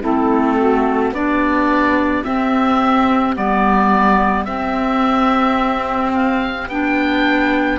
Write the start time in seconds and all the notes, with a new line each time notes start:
0.00 A3 C4 E4 A4
0.58 F#4
1.12 B3 D4 G4 D5
2.23 C4 E5
3.34 G3 B3 D5
4.44 C4 E5
6.14 F5
6.68 B3 D4 G5